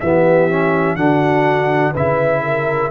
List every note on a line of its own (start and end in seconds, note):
0.00 0.96 E3
0.00 0.50 B3
0.00 0.97 G4
0.00 0.96 E5
0.50 0.97 C#4
0.96 1.93 D3
0.96 1.94 D4
0.96 1.92 F#4
0.96 1.93 F#5
1.92 2.91 C#3
1.92 2.91 E4
1.92 2.40 B4
1.92 2.91 E5
2.43 2.91 A#4